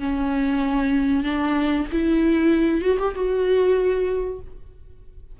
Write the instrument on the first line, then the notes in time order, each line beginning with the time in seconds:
viola
0.00 C#4
1.24 D4
1.92 E4
2.82 F#4
2.99 G4
3.15 F#4